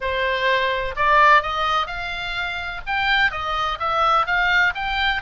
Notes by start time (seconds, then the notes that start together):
0.00 C5
0.96 D5
1.42 D#5
1.86 F5
2.86 G5
3.31 D#5
3.79 E5
4.26 F5
4.74 G5